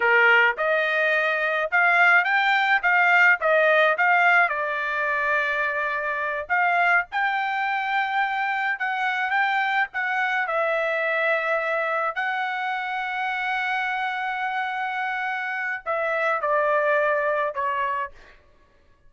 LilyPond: \new Staff \with { instrumentName = "trumpet" } { \time 4/4 \tempo 4 = 106 ais'4 dis''2 f''4 | g''4 f''4 dis''4 f''4 | d''2.~ d''8 f''8~ | f''8 g''2. fis''8~ |
fis''8 g''4 fis''4 e''4.~ | e''4. fis''2~ fis''8~ | fis''1 | e''4 d''2 cis''4 | }